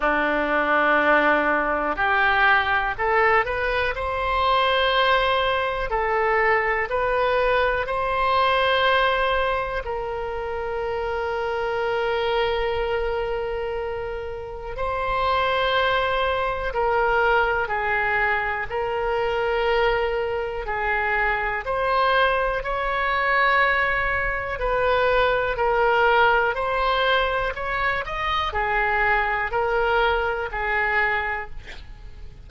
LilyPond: \new Staff \with { instrumentName = "oboe" } { \time 4/4 \tempo 4 = 61 d'2 g'4 a'8 b'8 | c''2 a'4 b'4 | c''2 ais'2~ | ais'2. c''4~ |
c''4 ais'4 gis'4 ais'4~ | ais'4 gis'4 c''4 cis''4~ | cis''4 b'4 ais'4 c''4 | cis''8 dis''8 gis'4 ais'4 gis'4 | }